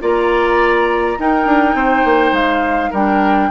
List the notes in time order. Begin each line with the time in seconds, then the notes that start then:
0.00 A#3 F4 D5 A#5
1.19 D#4 A#4 G5
1.46 D4
1.74 C4 C5
2.05 A#3
2.32 G#3 F5
2.90 G3 D4 A#4 G5